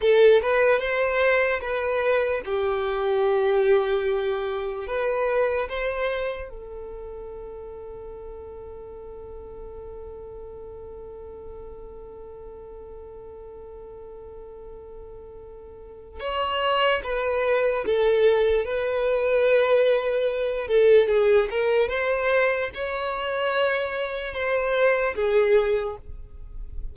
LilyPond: \new Staff \with { instrumentName = "violin" } { \time 4/4 \tempo 4 = 74 a'8 b'8 c''4 b'4 g'4~ | g'2 b'4 c''4 | a'1~ | a'1~ |
a'1 | cis''4 b'4 a'4 b'4~ | b'4. a'8 gis'8 ais'8 c''4 | cis''2 c''4 gis'4 | }